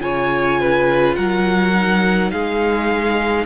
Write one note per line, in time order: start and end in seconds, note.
0.00 1.16 C#3
0.00 1.73 F4
0.00 0.61 C#5
0.00 1.15 G#5
0.61 1.16 B4
1.15 2.33 F#3
1.15 2.32 A#4
1.15 2.31 F#5
1.75 3.46 D#4
2.31 3.46 G#3
2.31 3.46 G#4
2.31 3.46 F5